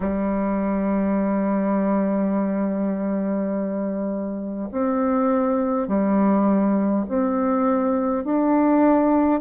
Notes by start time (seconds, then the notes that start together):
0.00 G3
4.71 C4
5.87 G3
7.08 C4
8.24 D4